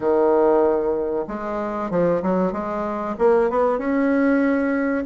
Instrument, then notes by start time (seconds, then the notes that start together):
bassoon
0.00 D#3
1.27 G#3
1.90 F3
2.22 F#3
2.52 G#3
3.18 A#3
3.50 B3
3.78 C#4